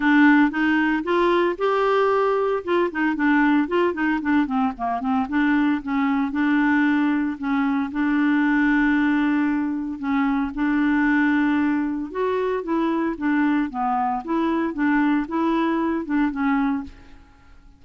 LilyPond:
\new Staff \with { instrumentName = "clarinet" } { \time 4/4 \tempo 4 = 114 d'4 dis'4 f'4 g'4~ | g'4 f'8 dis'8 d'4 f'8 dis'8 | d'8 c'8 ais8 c'8 d'4 cis'4 | d'2 cis'4 d'4~ |
d'2. cis'4 | d'2. fis'4 | e'4 d'4 b4 e'4 | d'4 e'4. d'8 cis'4 | }